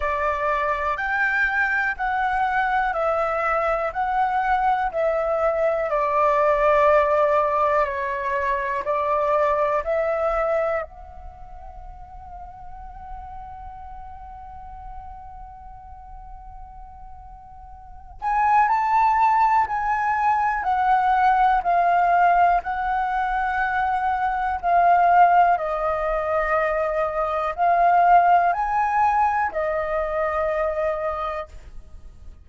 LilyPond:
\new Staff \with { instrumentName = "flute" } { \time 4/4 \tempo 4 = 61 d''4 g''4 fis''4 e''4 | fis''4 e''4 d''2 | cis''4 d''4 e''4 fis''4~ | fis''1~ |
fis''2~ fis''8 gis''8 a''4 | gis''4 fis''4 f''4 fis''4~ | fis''4 f''4 dis''2 | f''4 gis''4 dis''2 | }